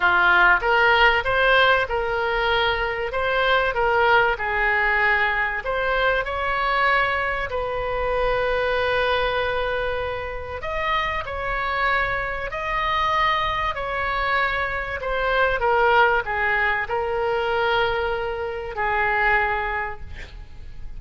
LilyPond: \new Staff \with { instrumentName = "oboe" } { \time 4/4 \tempo 4 = 96 f'4 ais'4 c''4 ais'4~ | ais'4 c''4 ais'4 gis'4~ | gis'4 c''4 cis''2 | b'1~ |
b'4 dis''4 cis''2 | dis''2 cis''2 | c''4 ais'4 gis'4 ais'4~ | ais'2 gis'2 | }